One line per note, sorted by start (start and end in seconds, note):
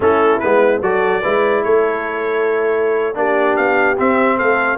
0.00 0.39 A3
0.00 0.41 C#4
0.00 0.82 E4
0.00 0.39 A4
0.39 0.81 G#3
0.39 0.82 B3
0.39 0.80 B4
0.81 1.22 F#3
0.81 1.22 F#4
0.81 1.21 A4
0.81 1.64 D5
1.21 1.65 G#3
1.21 3.14 E4
1.21 1.62 B4
1.64 3.16 A3
1.64 3.17 A4
1.64 3.17 C#5
3.14 3.57 A#3
3.14 3.96 D4
3.14 4.37 G4
3.14 3.56 D5
3.56 3.98 B3
3.56 3.97 F5
3.97 4.78 C4
3.97 4.40 C4
3.97 4.38 E5
4.37 4.78 A3
4.37 4.78 A4
4.37 4.78 F5